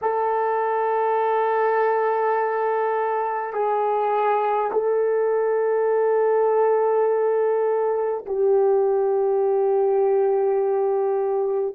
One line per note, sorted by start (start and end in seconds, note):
0.01 3.53 A4
3.53 4.71 G#4
4.72 8.25 A4
8.26 11.75 G4